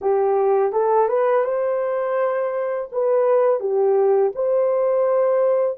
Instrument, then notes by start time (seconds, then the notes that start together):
horn
0.01 G4
0.72 A4
1.08 B4
1.44 C5
2.92 B4
3.60 G4
4.35 C5